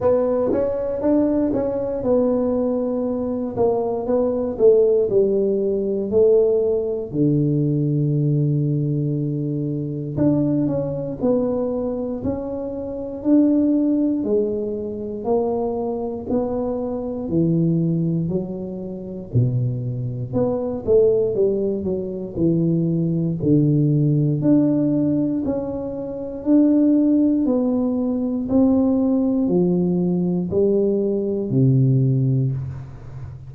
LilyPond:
\new Staff \with { instrumentName = "tuba" } { \time 4/4 \tempo 4 = 59 b8 cis'8 d'8 cis'8 b4. ais8 | b8 a8 g4 a4 d4~ | d2 d'8 cis'8 b4 | cis'4 d'4 gis4 ais4 |
b4 e4 fis4 b,4 | b8 a8 g8 fis8 e4 d4 | d'4 cis'4 d'4 b4 | c'4 f4 g4 c4 | }